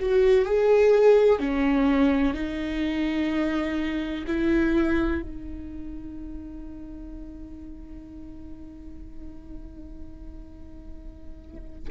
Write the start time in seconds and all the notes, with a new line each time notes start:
0.00 F#4
0.45 G#4
1.40 C#4
2.35 D#4
4.27 E4
5.23 D#4